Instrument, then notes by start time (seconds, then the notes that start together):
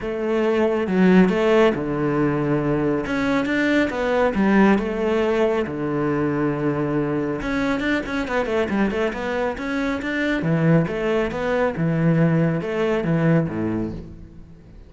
cello
0.00 A3
0.87 F#3
1.29 A3
1.74 D3
3.06 C#4
3.45 D4
3.90 B3
4.34 G3
4.78 A3
5.67 D3
7.41 C#4
7.80 D4
8.06 C#4
8.27 B3
8.46 A3
8.69 G3
8.90 A3
9.13 B3
9.57 C#4
10.02 D4
10.42 E3
10.87 A3
11.31 B3
11.76 E3
12.61 A3
13.04 E3
13.48 A2